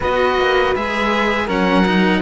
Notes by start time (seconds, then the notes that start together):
0.00 B3 F#4 B4 D#5
0.36 A#3
0.75 G#3 G#4 E5
1.45 F#3 C#4 A#4 F#5
1.85 D#4